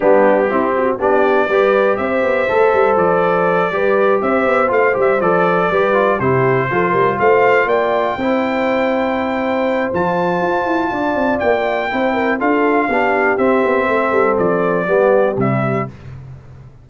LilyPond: <<
  \new Staff \with { instrumentName = "trumpet" } { \time 4/4 \tempo 4 = 121 g'2 d''2 | e''2 d''2~ | d''8 e''4 f''8 e''8 d''4.~ | d''8 c''2 f''4 g''8~ |
g''1 | a''2. g''4~ | g''4 f''2 e''4~ | e''4 d''2 e''4 | }
  \new Staff \with { instrumentName = "horn" } { \time 4/4 d'4 e'8 fis'8 g'4 b'4 | c''2.~ c''8 b'8~ | b'8 c''2. b'8~ | b'8 g'4 a'8 ais'8 c''4 d''8~ |
d''8 c''2.~ c''8~ | c''2 d''2 | c''8 ais'8 a'4 g'2 | a'2 g'2 | }
  \new Staff \with { instrumentName = "trombone" } { \time 4/4 b4 c'4 d'4 g'4~ | g'4 a'2~ a'8 g'8~ | g'4. f'8 g'8 a'4 g'8 | f'8 e'4 f'2~ f'8~ |
f'8 e'2.~ e'8 | f'1 | e'4 f'4 d'4 c'4~ | c'2 b4 g4 | }
  \new Staff \with { instrumentName = "tuba" } { \time 4/4 g4 c'4 b4 g4 | c'8 b8 a8 g8 f4. g8~ | g8 c'8 b8 a8 g8 f4 g8~ | g8 c4 f8 g8 a4 ais8~ |
ais8 c'2.~ c'8 | f4 f'8 e'8 d'8 c'8 ais4 | c'4 d'4 b4 c'8 b8 | a8 g8 f4 g4 c4 | }
>>